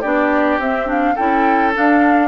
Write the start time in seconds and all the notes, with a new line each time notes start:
0.00 B3 D4 G4 D5
0.58 C4 E5
0.86 D4 F5
1.15 C#4 E4 A4 G5
1.73 D4 F5